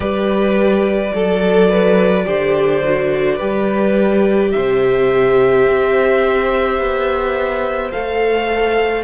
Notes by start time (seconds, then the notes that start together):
0.00 G3 G4 B4 D5
1.14 F#3 A4
1.69 B4
2.25 D3 G4 C5
2.84 F#4
3.36 G3 G4 B4
4.51 C3 C5 E5
5.66 C4
6.78 B3
7.91 A3 A4 F5